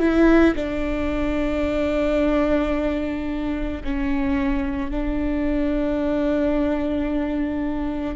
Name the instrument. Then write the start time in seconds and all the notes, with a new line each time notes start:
viola
0.00 E4
0.56 D4
3.84 C#4
4.91 D4